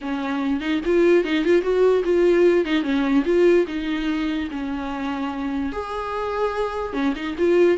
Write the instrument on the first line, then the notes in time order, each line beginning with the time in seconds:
viola
0.01 C#4
0.60 D#4
0.85 F4
1.24 D#4
1.44 F4
1.62 F#4
2.04 F4
2.65 D#4
2.82 C#4
3.25 F4
3.67 D#4
4.50 C#4
5.72 G#4
6.93 C#4
7.15 D#4
7.38 F4